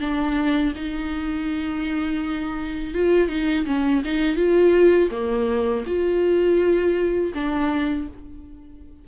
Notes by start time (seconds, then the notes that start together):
0.00 D4
0.75 D#4
2.94 F4
3.29 D#4
3.66 C#4
4.04 D#4
4.36 F4
5.11 A#3
5.86 F4
7.34 D4